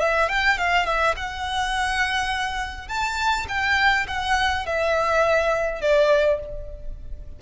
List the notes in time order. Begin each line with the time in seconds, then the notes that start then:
0.00 E5
0.29 G5
0.58 F5
0.86 E5
1.16 F#5
2.88 A5
3.48 G5
4.07 F#5
4.65 E5
5.81 D5